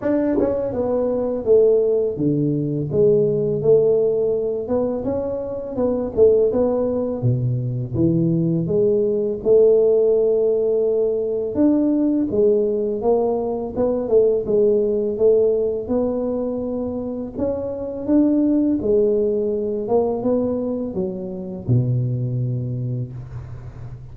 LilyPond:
\new Staff \with { instrumentName = "tuba" } { \time 4/4 \tempo 4 = 83 d'8 cis'8 b4 a4 d4 | gis4 a4. b8 cis'4 | b8 a8 b4 b,4 e4 | gis4 a2. |
d'4 gis4 ais4 b8 a8 | gis4 a4 b2 | cis'4 d'4 gis4. ais8 | b4 fis4 b,2 | }